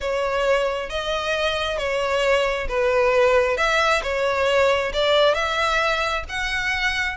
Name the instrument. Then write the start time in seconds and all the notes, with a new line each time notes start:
violin
0.00 C#5
0.89 D#5
1.78 C#5
2.68 B4
3.57 E5
4.03 C#5
4.93 D5
5.34 E5
6.28 F#5